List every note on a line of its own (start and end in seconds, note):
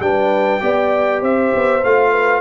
0.00 0.61 G3
0.00 0.61 D4
0.00 0.63 B4
0.00 1.23 G5
0.61 1.22 B3
0.61 1.82 G4
0.61 1.21 D5
1.21 1.52 C4
1.21 2.11 C5
1.21 1.84 E5
1.54 1.84 B3
1.84 2.41 A3
1.84 2.41 F4
1.84 2.41 F5
2.11 2.41 B4